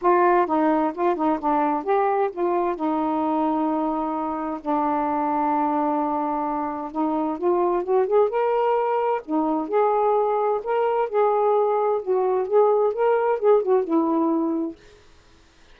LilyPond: \new Staff \with { instrumentName = "saxophone" } { \time 4/4 \tempo 4 = 130 f'4 dis'4 f'8 dis'8 d'4 | g'4 f'4 dis'2~ | dis'2 d'2~ | d'2. dis'4 |
f'4 fis'8 gis'8 ais'2 | dis'4 gis'2 ais'4 | gis'2 fis'4 gis'4 | ais'4 gis'8 fis'8 e'2 | }